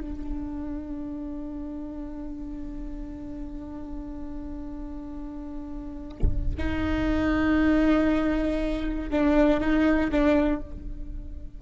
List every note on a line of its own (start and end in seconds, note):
0.00 6.55 D4
6.58 9.10 D#4
9.11 9.60 D4
9.60 10.10 D#4
10.11 10.62 D4